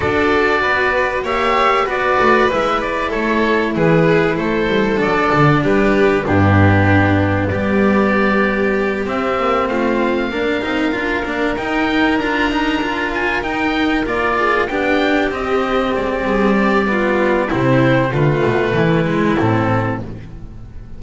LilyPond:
<<
  \new Staff \with { instrumentName = "oboe" } { \time 4/4 \tempo 4 = 96 d''2 e''4 d''4 | e''8 d''8 cis''4 b'4 c''4 | d''4 b'4 g'2 | d''2~ d''8 e''4 f''8~ |
f''2~ f''8 g''4 ais''8~ | ais''4 gis''8 g''4 d''4 g''8~ | g''8 dis''4 d''2~ d''8 | c''4 b'2 a'4 | }
  \new Staff \with { instrumentName = "violin" } { \time 4/4 a'4 b'4 cis''4 b'4~ | b'4 a'4 gis'4 a'4~ | a'4 g'4 d'2 | g'2.~ g'8 f'8~ |
f'8 ais'2.~ ais'8~ | ais'2. gis'8 g'8~ | g'2 gis'8 g'8 f'4 | e'4 f'4 e'2 | }
  \new Staff \with { instrumentName = "cello" } { \time 4/4 fis'2 g'4 fis'4 | e'1 | d'2 b2~ | b2~ b8 c'4.~ |
c'8 d'8 dis'8 f'8 d'8 dis'4 f'8 | dis'8 f'4 dis'4 f'4 d'8~ | d'8 c'2~ c'8 b4 | c'4 a4. gis8 c'4 | }
  \new Staff \with { instrumentName = "double bass" } { \time 4/4 d'4 b4 ais4 b8 a8 | gis4 a4 e4 a8 g8 | fis8 d8 g4 g,2 | g2~ g8 c'8 ais8 a8~ |
a8 ais8 c'8 d'8 ais8 dis'4 d'8~ | d'4. dis'4 ais4 b8~ | b8 c'4 gis8 g2 | c4 d8 b,8 e4 a,4 | }
>>